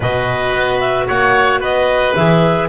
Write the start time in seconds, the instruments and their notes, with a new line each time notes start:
0.00 double bass B2, clarinet F#4 D#5, oboe B4
0.53 double bass B3
0.80 clarinet E5
1.07 double bass A#3, oboe C#5, clarinet F#5
1.60 double bass B3, oboe B4, clarinet D#5
2.15 double bass E3, clarinet G#4 E5